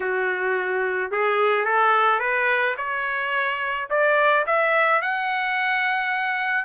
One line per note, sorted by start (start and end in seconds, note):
0.00 1.11 F#4
1.11 1.65 G#4
1.65 2.19 A4
2.19 2.75 B4
2.77 3.88 C#5
3.90 4.45 D5
4.46 5.01 E5
5.01 6.64 F#5